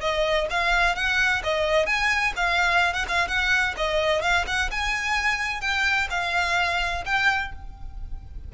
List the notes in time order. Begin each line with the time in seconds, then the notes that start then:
0.00 D#5
0.50 F5
0.95 F#5
1.43 D#5
1.86 G#5
2.36 F5
2.93 F#5
3.08 F5
3.27 F#5
3.77 D#5
4.21 F5
4.46 F#5
4.70 G#5
5.61 G5
6.10 F5
7.05 G5